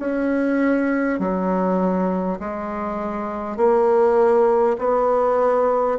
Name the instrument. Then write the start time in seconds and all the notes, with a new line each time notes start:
bassoon
0.00 C#4
1.20 F#3
2.40 G#3
3.57 A#3
4.79 B3